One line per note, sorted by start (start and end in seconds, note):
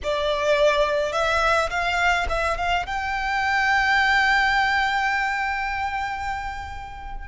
0.03 1.12 D5
1.12 1.69 E5
1.69 2.26 F5
2.29 2.57 E5
2.57 2.85 F5
2.86 7.28 G5